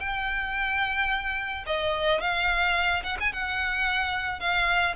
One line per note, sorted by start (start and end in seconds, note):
0.00 1.65 G5
1.66 2.21 D#5
2.21 3.03 F5
3.03 3.17 F#5
3.20 3.33 G#5
3.33 4.40 F#5
4.40 4.95 F5